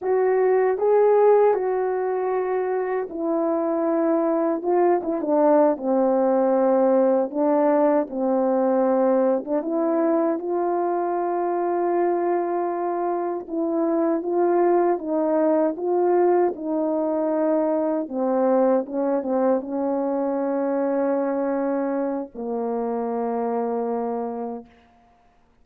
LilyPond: \new Staff \with { instrumentName = "horn" } { \time 4/4 \tempo 4 = 78 fis'4 gis'4 fis'2 | e'2 f'8 e'16 d'8. c'8~ | c'4. d'4 c'4.~ | c'16 d'16 e'4 f'2~ f'8~ |
f'4. e'4 f'4 dis'8~ | dis'8 f'4 dis'2 c'8~ | c'8 cis'8 c'8 cis'2~ cis'8~ | cis'4 ais2. | }